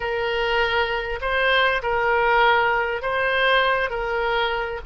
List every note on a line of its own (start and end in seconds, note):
0.00 1.19 A#4
1.21 1.82 C5
1.82 3.02 A#4
3.02 3.90 C5
3.90 4.80 A#4